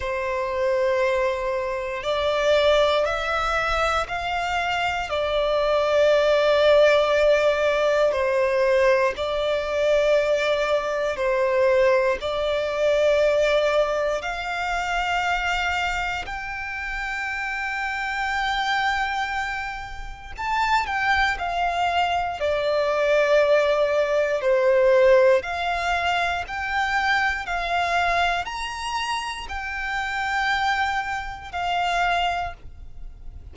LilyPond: \new Staff \with { instrumentName = "violin" } { \time 4/4 \tempo 4 = 59 c''2 d''4 e''4 | f''4 d''2. | c''4 d''2 c''4 | d''2 f''2 |
g''1 | a''8 g''8 f''4 d''2 | c''4 f''4 g''4 f''4 | ais''4 g''2 f''4 | }